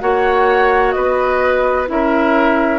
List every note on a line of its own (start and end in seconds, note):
0.00 0.95 A#3
0.00 1.87 F#4
0.00 0.95 C#5
0.00 0.91 F#5
0.91 1.89 B3
0.91 1.89 B4
0.91 1.85 D#5
1.87 2.79 C#4
1.87 2.79 E4
1.87 2.79 A#4
1.87 2.79 E5